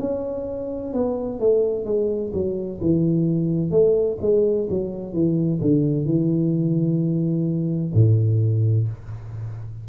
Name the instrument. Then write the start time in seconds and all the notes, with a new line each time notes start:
tuba
0.00 C#4
0.93 B3
1.40 A3
1.85 G#3
2.33 F#3
2.81 E3
3.71 A3
4.21 G#3
4.70 F#3
5.13 E3
5.61 D3
6.05 E3
7.94 A2